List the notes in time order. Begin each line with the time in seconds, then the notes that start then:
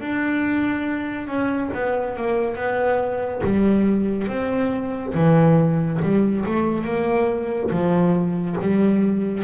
0.00 D4
1.27 C#4
1.73 B3
2.16 A#3
2.55 B3
3.43 G3
4.27 C4
5.14 E3
6.02 G3
6.45 A3
6.84 A#3
7.70 F3
8.61 G3